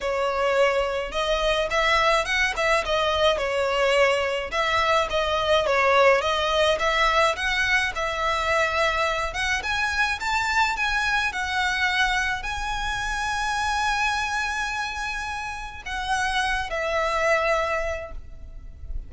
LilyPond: \new Staff \with { instrumentName = "violin" } { \time 4/4 \tempo 4 = 106 cis''2 dis''4 e''4 | fis''8 e''8 dis''4 cis''2 | e''4 dis''4 cis''4 dis''4 | e''4 fis''4 e''2~ |
e''8 fis''8 gis''4 a''4 gis''4 | fis''2 gis''2~ | gis''1 | fis''4. e''2~ e''8 | }